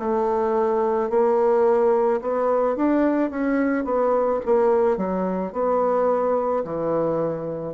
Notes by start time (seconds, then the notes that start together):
0.00 A3
1.10 A#3
2.22 B3
2.77 D4
3.31 C#4
3.85 B3
4.46 A#3
4.97 F#3
5.53 B3
6.65 E3